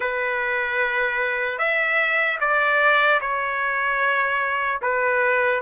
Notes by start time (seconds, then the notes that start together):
0.00 B4
1.58 E5
2.40 D5
3.20 C#5
4.81 B4